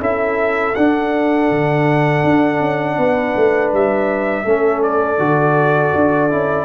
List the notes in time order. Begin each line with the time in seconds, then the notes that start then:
0.00 C#4 E4 A4 E5
0.75 D4 F#5
1.50 D3
2.23 D4
2.60 C#4
2.97 B3 B4
3.36 A3
3.72 G3 E5
4.45 A3 C#4 A4
4.83 D5
5.18 D3 F#4
5.95 D4
6.30 C#4 E4